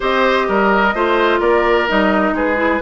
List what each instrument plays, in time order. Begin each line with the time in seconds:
0.00 bassoon C4, clarinet G4, oboe C5, flute D#5
0.48 bassoon G3, oboe A#4
0.94 bassoon A3, clarinet F4, oboe C5
1.39 bassoon A#3, oboe A#4, flute D5
1.88 bassoon G3, clarinet D#4, flute D#5
2.32 bassoon G#3, oboe G#4, flute B4
2.56 clarinet E4